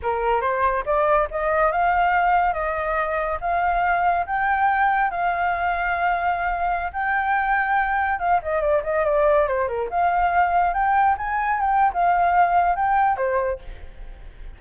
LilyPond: \new Staff \with { instrumentName = "flute" } { \time 4/4 \tempo 4 = 141 ais'4 c''4 d''4 dis''4 | f''2 dis''2 | f''2 g''2 | f''1~ |
f''16 g''2. f''8 dis''16~ | dis''16 d''8 dis''8 d''4 c''8 ais'8 f''8.~ | f''4~ f''16 g''4 gis''4 g''8. | f''2 g''4 c''4 | }